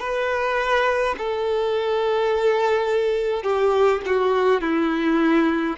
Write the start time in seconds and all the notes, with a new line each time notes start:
0.00 B4
1.18 A4
3.44 G4
4.06 F#4
4.62 E4